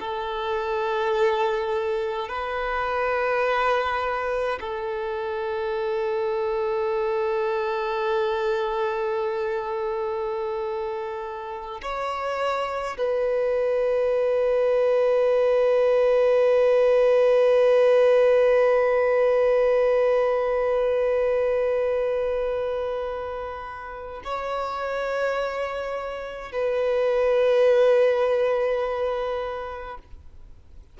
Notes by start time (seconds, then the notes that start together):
0.00 A4
2.29 B4
4.60 A4
11.82 C#5
12.98 B4
24.24 C#5
26.52 B4